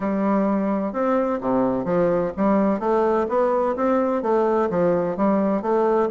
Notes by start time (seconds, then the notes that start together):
0.00 G3
0.92 C4
1.40 C3
1.85 F3
2.36 G3
2.79 A3
3.28 B3
3.75 C4
4.22 A3
4.70 F3
5.16 G3
5.62 A3